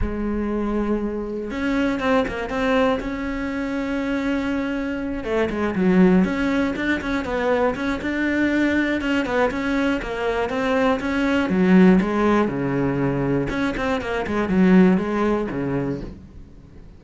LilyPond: \new Staff \with { instrumentName = "cello" } { \time 4/4 \tempo 4 = 120 gis2. cis'4 | c'8 ais8 c'4 cis'2~ | cis'2~ cis'8 a8 gis8 fis8~ | fis8 cis'4 d'8 cis'8 b4 cis'8 |
d'2 cis'8 b8 cis'4 | ais4 c'4 cis'4 fis4 | gis4 cis2 cis'8 c'8 | ais8 gis8 fis4 gis4 cis4 | }